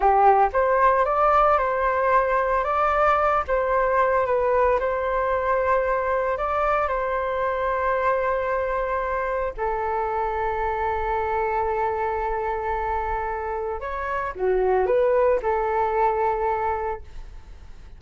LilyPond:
\new Staff \with { instrumentName = "flute" } { \time 4/4 \tempo 4 = 113 g'4 c''4 d''4 c''4~ | c''4 d''4. c''4. | b'4 c''2. | d''4 c''2.~ |
c''2 a'2~ | a'1~ | a'2 cis''4 fis'4 | b'4 a'2. | }